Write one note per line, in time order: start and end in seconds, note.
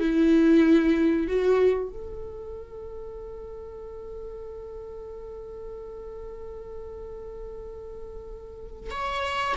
0.00 1.27 E4
1.27 1.89 F#4
1.89 8.91 A4
8.91 9.55 C#5